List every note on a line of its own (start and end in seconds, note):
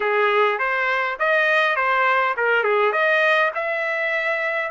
0.00 0.58 G#4
0.58 1.17 C5
1.19 1.76 D#5
1.76 2.34 C5
2.36 2.63 A#4
2.63 2.92 G#4
2.92 3.51 D#5
3.55 4.71 E5